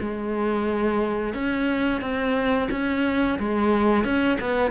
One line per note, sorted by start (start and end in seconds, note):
0.00 1.34 G#3
1.34 2.01 C#4
2.01 2.69 C4
2.71 3.39 C#4
3.39 4.04 G#3
4.04 4.38 C#4
4.40 4.71 B3